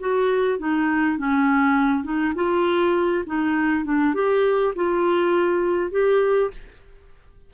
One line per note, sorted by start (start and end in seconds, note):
0.00 0.59 F#4
0.59 1.18 D#4
1.18 2.04 C#4
2.04 2.34 D#4
2.35 3.25 F4
3.26 3.85 D#4
3.85 4.14 D4
4.15 4.74 G4
4.76 5.91 F4
5.91 6.51 G4